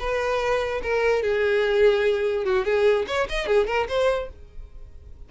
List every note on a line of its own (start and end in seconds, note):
0.00 0.82 B4
0.83 1.23 A#4
1.23 2.45 G#4
2.45 2.65 F#4
2.65 3.06 G#4
3.08 3.28 C#5
3.29 3.47 D#5
3.47 3.67 G#4
3.67 3.87 A#4
3.88 4.29 C5